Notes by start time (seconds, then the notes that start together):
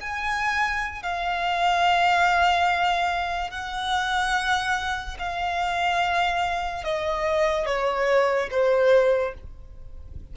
0.00 G#5
1.02 F5
3.50 F#5
5.19 F5
6.84 D#5
7.66 C#5
8.51 C5